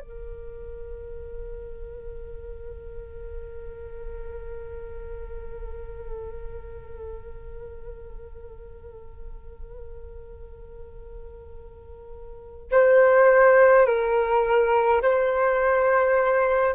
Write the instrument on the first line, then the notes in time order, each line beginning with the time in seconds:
flute
0.00 A#4
12.71 C5
13.86 A#4
15.02 C5